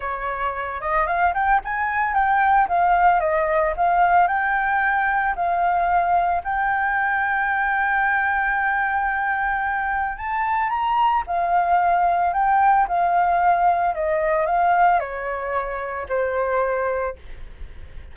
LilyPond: \new Staff \with { instrumentName = "flute" } { \time 4/4 \tempo 4 = 112 cis''4. dis''8 f''8 g''8 gis''4 | g''4 f''4 dis''4 f''4 | g''2 f''2 | g''1~ |
g''2. a''4 | ais''4 f''2 g''4 | f''2 dis''4 f''4 | cis''2 c''2 | }